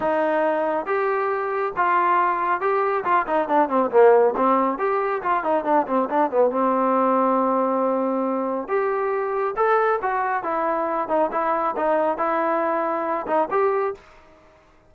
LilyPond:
\new Staff \with { instrumentName = "trombone" } { \time 4/4 \tempo 4 = 138 dis'2 g'2 | f'2 g'4 f'8 dis'8 | d'8 c'8 ais4 c'4 g'4 | f'8 dis'8 d'8 c'8 d'8 b8 c'4~ |
c'1 | g'2 a'4 fis'4 | e'4. dis'8 e'4 dis'4 | e'2~ e'8 dis'8 g'4 | }